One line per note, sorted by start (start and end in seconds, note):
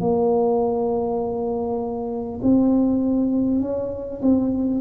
0.00 2.40 A#3
2.42 3.61 C4
3.61 4.21 C#4
4.22 4.81 C4